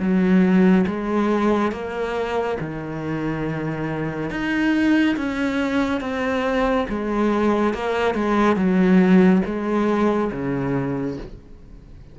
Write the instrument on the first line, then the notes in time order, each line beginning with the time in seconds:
cello
0.00 F#3
0.87 G#3
1.72 A#3
2.61 D#3
4.31 D#4
5.17 C#4
6.01 C4
6.90 G#3
7.74 A#3
8.15 G#3
8.57 F#3
9.46 G#3
10.32 C#3